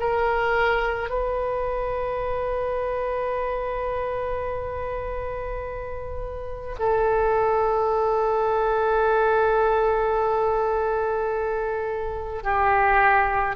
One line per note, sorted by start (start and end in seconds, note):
0.00 1.10 A#4
1.10 6.76 B4
6.79 12.44 A4
12.44 13.56 G4